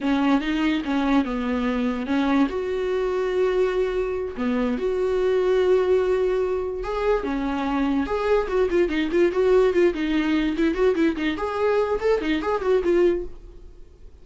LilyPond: \new Staff \with { instrumentName = "viola" } { \time 4/4 \tempo 4 = 145 cis'4 dis'4 cis'4 b4~ | b4 cis'4 fis'2~ | fis'2~ fis'8 b4 fis'8~ | fis'1~ |
fis'8 gis'4 cis'2 gis'8~ | gis'8 fis'8 f'8 dis'8 f'8 fis'4 f'8 | dis'4. e'8 fis'8 e'8 dis'8 gis'8~ | gis'4 a'8 dis'8 gis'8 fis'8 f'4 | }